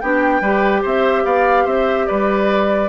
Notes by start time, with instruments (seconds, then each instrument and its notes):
0.00 bassoon B3, clarinet D4, oboe G4, flute G5
0.41 bassoon G3, clarinet G4, oboe B4
0.82 bassoon C4, oboe C5, flute E5
1.24 bassoon B3, oboe D5, flute F5
1.64 bassoon C4, oboe C5, flute E5
2.06 bassoon G3, oboe B4, flute D5